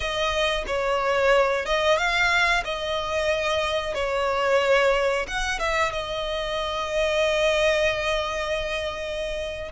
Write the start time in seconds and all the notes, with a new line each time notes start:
0.00 D#5
0.67 C#5
1.65 D#5
1.97 F5
2.64 D#5
3.94 C#5
5.27 F#5
5.59 E5
5.92 D#5